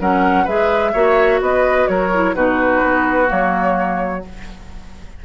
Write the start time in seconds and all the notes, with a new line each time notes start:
0.00 F#3 C#4 A#4 F#5
0.45 G#3 G#4 B4 E5
0.93 A#3 F#4 C#5
1.41 B3 B4 D#5
1.88 F#3 A#4 C#5
2.13 E4
2.35 B2 D#4 F#4 B4
2.83 B3
3.26 F#3 A#3 C#5